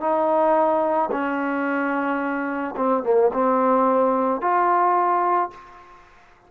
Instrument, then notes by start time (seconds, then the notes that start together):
trombone
0.00 D#4
1.11 C#4
2.76 C4
3.03 A#3
3.33 C4
4.41 F4